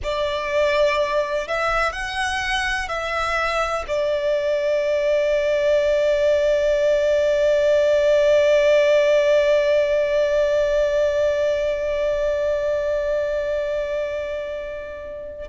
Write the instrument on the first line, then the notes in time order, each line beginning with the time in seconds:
violin
0.03 D5
1.47 E5
1.92 F#5
2.88 E5
3.87 D5